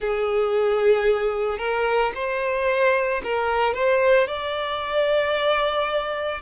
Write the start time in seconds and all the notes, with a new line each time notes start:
0.00 G#4
1.58 A#4
2.14 C5
3.23 A#4
3.74 C5
4.27 D5